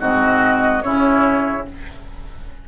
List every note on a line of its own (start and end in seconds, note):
0.00 0.84 G#2
0.00 0.83 C4
0.00 0.83 F#4
0.00 0.82 D#5
0.82 1.68 C#3
0.82 1.66 C#4
0.82 1.67 E4
0.82 1.65 C#5